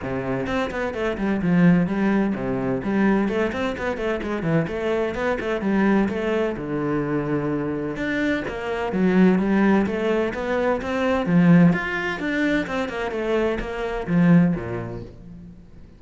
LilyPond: \new Staff \with { instrumentName = "cello" } { \time 4/4 \tempo 4 = 128 c4 c'8 b8 a8 g8 f4 | g4 c4 g4 a8 c'8 | b8 a8 gis8 e8 a4 b8 a8 | g4 a4 d2~ |
d4 d'4 ais4 fis4 | g4 a4 b4 c'4 | f4 f'4 d'4 c'8 ais8 | a4 ais4 f4 ais,4 | }